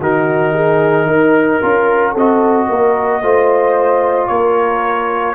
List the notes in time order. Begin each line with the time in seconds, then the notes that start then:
0.00 D#3 D#4 F#4 A#4
0.54 G#4
1.06 D#4 A#4
1.62 C#4 F4
2.13 C4 F#4 A4 D#5
2.69 A#3 A#4
3.22 A3 F4 C5
4.28 A#3 A#4 C#5